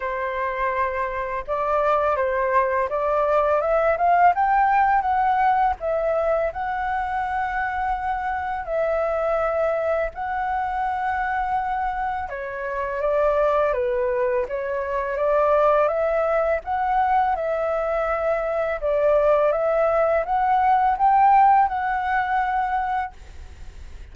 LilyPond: \new Staff \with { instrumentName = "flute" } { \time 4/4 \tempo 4 = 83 c''2 d''4 c''4 | d''4 e''8 f''8 g''4 fis''4 | e''4 fis''2. | e''2 fis''2~ |
fis''4 cis''4 d''4 b'4 | cis''4 d''4 e''4 fis''4 | e''2 d''4 e''4 | fis''4 g''4 fis''2 | }